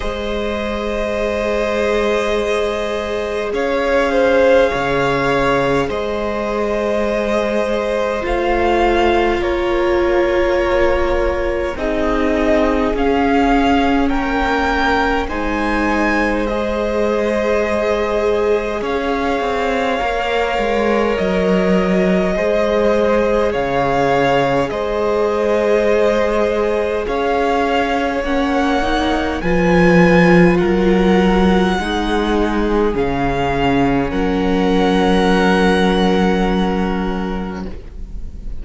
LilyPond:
<<
  \new Staff \with { instrumentName = "violin" } { \time 4/4 \tempo 4 = 51 dis''2. f''4~ | f''4 dis''2 f''4 | cis''2 dis''4 f''4 | g''4 gis''4 dis''2 |
f''2 dis''2 | f''4 dis''2 f''4 | fis''4 gis''4 fis''2 | f''4 fis''2. | }
  \new Staff \with { instrumentName = "violin" } { \time 4/4 c''2. cis''8 c''8 | cis''4 c''2. | ais'2 gis'2 | ais'4 c''2. |
cis''2. c''4 | cis''4 c''2 cis''4~ | cis''4 b'4 ais'4 gis'4~ | gis'4 ais'2. | }
  \new Staff \with { instrumentName = "viola" } { \time 4/4 gis'1~ | gis'2. f'4~ | f'2 dis'4 cis'4~ | cis'4 dis'4 gis'2~ |
gis'4 ais'2 gis'4~ | gis'1 | cis'8 dis'8 f'2 dis'4 | cis'1 | }
  \new Staff \with { instrumentName = "cello" } { \time 4/4 gis2. cis'4 | cis4 gis2 a4 | ais2 c'4 cis'4 | ais4 gis2. |
cis'8 c'8 ais8 gis8 fis4 gis4 | cis4 gis2 cis'4 | ais4 f4 fis4 gis4 | cis4 fis2. | }
>>